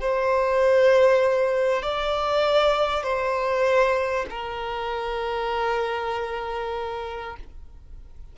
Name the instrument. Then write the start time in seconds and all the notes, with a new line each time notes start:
violin
0.00 C5
1.82 D5
3.03 C5
4.30 A#4